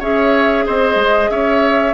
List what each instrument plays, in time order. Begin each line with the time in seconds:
0.00 bassoon C#4, clarinet G#4, oboe C#5, flute E5
0.66 bassoon C4, oboe C5, flute D#5
0.96 bassoon G#3
1.30 bassoon C#4, oboe C#5, flute E5